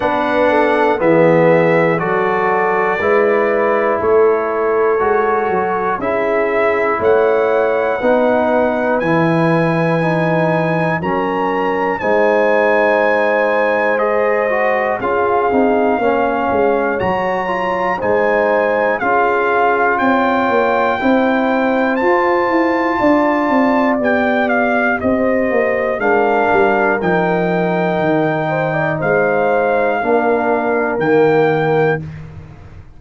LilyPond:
<<
  \new Staff \with { instrumentName = "trumpet" } { \time 4/4 \tempo 4 = 60 fis''4 e''4 d''2 | cis''2 e''4 fis''4~ | fis''4 gis''2 ais''4 | gis''2 dis''4 f''4~ |
f''4 ais''4 gis''4 f''4 | g''2 a''2 | g''8 f''8 dis''4 f''4 g''4~ | g''4 f''2 g''4 | }
  \new Staff \with { instrumentName = "horn" } { \time 4/4 b'8 a'8 gis'4 a'4 b'4 | a'2 gis'4 cis''4 | b'2. ais'4 | c''2. gis'4 |
cis''2 c''4 gis'4 | cis''4 c''2 d''4~ | d''4 c''4 ais'2~ | ais'8 c''16 d''16 c''4 ais'2 | }
  \new Staff \with { instrumentName = "trombone" } { \time 4/4 d'4 b4 fis'4 e'4~ | e'4 fis'4 e'2 | dis'4 e'4 dis'4 cis'4 | dis'2 gis'8 fis'8 f'8 dis'8 |
cis'4 fis'8 f'8 dis'4 f'4~ | f'4 e'4 f'2 | g'2 d'4 dis'4~ | dis'2 d'4 ais4 | }
  \new Staff \with { instrumentName = "tuba" } { \time 4/4 b4 e4 fis4 gis4 | a4 gis8 fis8 cis'4 a4 | b4 e2 fis4 | gis2. cis'8 c'8 |
ais8 gis8 fis4 gis4 cis'4 | c'8 ais8 c'4 f'8 e'8 d'8 c'8 | b4 c'8 ais8 gis8 g8 f4 | dis4 gis4 ais4 dis4 | }
>>